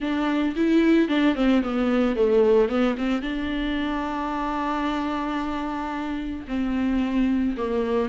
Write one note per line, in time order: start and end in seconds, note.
0.00 0.55 D4
0.56 1.08 E4
1.08 1.35 D4
1.35 1.62 C4
1.62 2.16 B3
2.16 2.69 A3
2.69 2.96 B3
2.97 3.22 C4
3.22 6.46 D4
6.47 7.55 C4
7.57 8.09 A#3